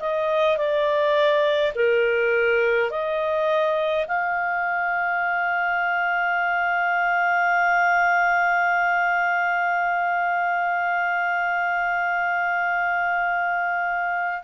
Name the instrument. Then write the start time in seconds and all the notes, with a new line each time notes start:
clarinet
0.00 D#5
0.58 D5
1.76 A#4
2.91 D#5
4.08 F5